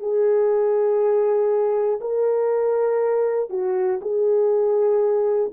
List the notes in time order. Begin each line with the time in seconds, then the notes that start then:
0.00 G#4
2.00 A#4
3.50 F#4
4.01 G#4